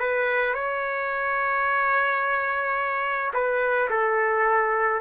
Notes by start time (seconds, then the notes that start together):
0.00 B4
0.55 C#5
3.34 B4
3.90 A4